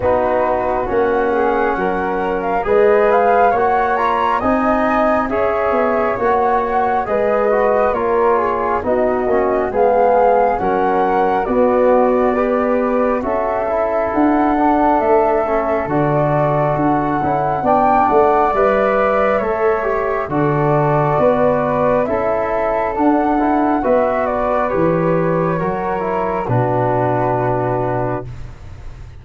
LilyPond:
<<
  \new Staff \with { instrumentName = "flute" } { \time 4/4 \tempo 4 = 68 b'4 fis''4.~ fis''16 f''16 dis''8 f''8 | fis''8 ais''8 gis''4 e''4 fis''4 | dis''4 cis''4 dis''4 f''4 | fis''4 d''2 e''4 |
fis''4 e''4 d''4 fis''4 | g''8 fis''8 e''2 d''4~ | d''4 e''4 fis''4 e''8 d''8 | cis''2 b'2 | }
  \new Staff \with { instrumentName = "flute" } { \time 4/4 fis'4. gis'8 ais'4 b'4 | cis''4 dis''4 cis''2 | b'4 ais'8 gis'8 fis'4 gis'4 | ais'4 fis'4 b'4 a'4~ |
a'1 | d''2 cis''4 a'4 | b'4 a'2 b'4~ | b'4 ais'4 fis'2 | }
  \new Staff \with { instrumentName = "trombone" } { \time 4/4 dis'4 cis'2 gis'4 | fis'8 f'8 dis'4 gis'4 fis'4 | gis'8 fis'8 f'4 dis'8 cis'8 b4 | cis'4 b4 g'4 fis'8 e'8~ |
e'8 d'4 cis'8 fis'4. e'8 | d'4 b'4 a'8 g'8 fis'4~ | fis'4 e'4 d'8 e'8 fis'4 | g'4 fis'8 e'8 d'2 | }
  \new Staff \with { instrumentName = "tuba" } { \time 4/4 b4 ais4 fis4 gis4 | ais4 c'4 cis'8 b8 ais4 | gis4 ais4 b8 ais8 gis4 | fis4 b2 cis'4 |
d'4 a4 d4 d'8 cis'8 | b8 a8 g4 a4 d4 | b4 cis'4 d'4 b4 | e4 fis4 b,2 | }
>>